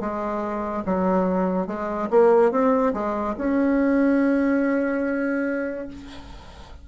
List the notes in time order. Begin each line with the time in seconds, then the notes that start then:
0.00 G#3
0.85 F#3
1.67 G#3
2.10 A#3
2.51 C4
2.93 G#3
3.37 C#4